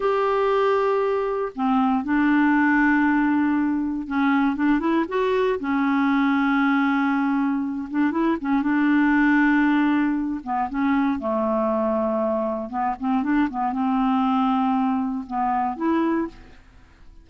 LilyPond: \new Staff \with { instrumentName = "clarinet" } { \time 4/4 \tempo 4 = 118 g'2. c'4 | d'1 | cis'4 d'8 e'8 fis'4 cis'4~ | cis'2.~ cis'8 d'8 |
e'8 cis'8 d'2.~ | d'8 b8 cis'4 a2~ | a4 b8 c'8 d'8 b8 c'4~ | c'2 b4 e'4 | }